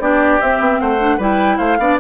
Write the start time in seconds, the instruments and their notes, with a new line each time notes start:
0.00 bassoon B3, clarinet D4, oboe G4, flute D5
0.42 bassoon C4, clarinet C4, flute E5
0.60 bassoon B3
0.81 bassoon A3, oboe C5, flute F#5
1.00 clarinet D4
1.18 bassoon G3, clarinet E4, oboe B4, flute G5
1.58 bassoon A3, oboe C5, flute F5
1.79 bassoon B3, clarinet D4, oboe D5